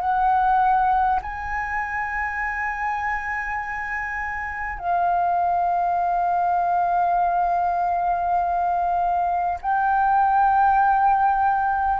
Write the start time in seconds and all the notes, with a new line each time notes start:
0.00 F#5
1.22 G#5
4.79 F5
9.61 G5